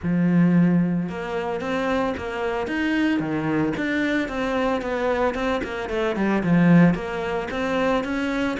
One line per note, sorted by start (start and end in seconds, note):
0.02 1.09 F3
1.09 1.60 A#3
1.60 2.14 C4
2.17 2.67 A#3
2.67 3.19 D#4
3.19 3.73 D#3
3.76 4.28 D4
4.28 4.81 C4
4.81 5.34 B3
5.34 5.61 C4
5.63 5.89 A#3
5.89 6.16 A3
6.16 6.42 G3
6.43 6.94 F3
6.94 7.48 A#3
7.50 8.04 C4
8.04 8.57 C#4